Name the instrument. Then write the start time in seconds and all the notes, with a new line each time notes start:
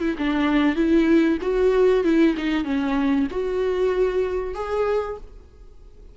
viola
0.00 E4
0.18 D4
0.76 E4
1.41 F#4
2.04 E4
2.38 D#4
2.65 C#4
3.31 F#4
4.55 G#4